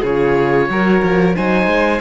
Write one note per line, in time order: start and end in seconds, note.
0.00 0.69 C#3
0.00 0.71 F4
0.00 0.66 G#4
0.00 1.36 C#5
0.69 1.02 F#3
0.69 1.35 F#4
0.69 1.36 A#4
1.02 1.35 F3
1.35 1.67 F#3
1.35 2.01 D#4
1.35 2.01 C5
1.35 2.01 G#5
1.67 2.00 G#3